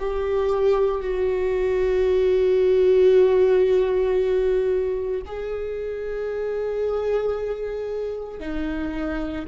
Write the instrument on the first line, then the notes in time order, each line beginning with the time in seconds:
viola
0.00 G4
1.01 F#4
5.26 G#4
8.40 D#4